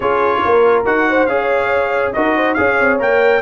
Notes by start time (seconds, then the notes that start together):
0.00 C#4 F4 G#4 C#5
0.45 A#3 A#4
0.85 D#4 F#4 F#5
1.09 C5
1.26 C#4 G#4 C#5 F5
2.13 D#4 F#4 A#4 D#5
2.36 C5
2.54 C#4 G#4 C#5 F5
2.79 C4
2.99 A#3 A#4 G5